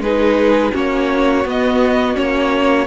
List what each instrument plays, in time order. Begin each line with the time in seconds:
0.00 cello G#3, viola D#4, violin G#4 B4
0.72 cello A#3, viola C#4, violin F#4 C#5
1.45 cello B3, viola B3, violin D#5
2.15 cello A#3, viola C#4, violin C#5